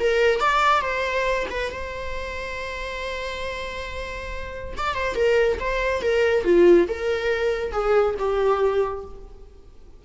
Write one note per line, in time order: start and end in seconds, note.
0.00 0.40 A#4
0.40 0.81 D5
0.81 1.46 C5
1.50 1.72 B4
1.72 4.74 C5
4.77 4.94 D5
4.94 5.15 C5
5.15 5.58 A#4
5.60 6.02 C5
6.02 6.44 A#4
6.44 6.88 F4
6.88 7.72 A#4
7.72 8.15 G#4
8.18 9.05 G4